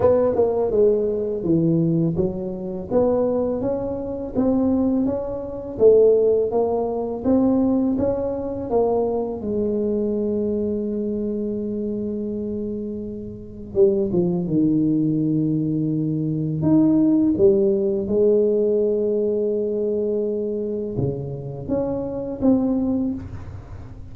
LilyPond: \new Staff \with { instrumentName = "tuba" } { \time 4/4 \tempo 4 = 83 b8 ais8 gis4 e4 fis4 | b4 cis'4 c'4 cis'4 | a4 ais4 c'4 cis'4 | ais4 gis2.~ |
gis2. g8 f8 | dis2. dis'4 | g4 gis2.~ | gis4 cis4 cis'4 c'4 | }